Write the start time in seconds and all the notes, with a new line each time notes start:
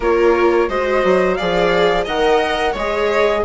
0.00 A#3 F4 A#4 C#5
0.68 G#3 F#4 C5 D#5
1.04 F#3
1.35 F3 G#4 D5 F5
2.04 D#3 A#4 D#5 F#5
2.71 G#3 C#5 D#5
2.78 G#4